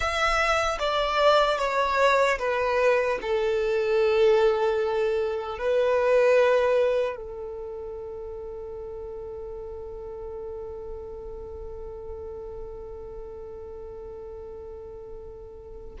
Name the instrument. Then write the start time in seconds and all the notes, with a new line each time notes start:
violin
0.00 E5
0.79 D5
1.58 C#5
2.39 B4
3.21 A4
5.58 B4
7.16 A4